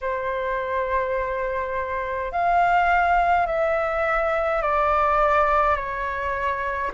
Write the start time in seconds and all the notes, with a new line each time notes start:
0.01 C5
2.31 F5
3.46 E5
4.62 D5
5.75 C#5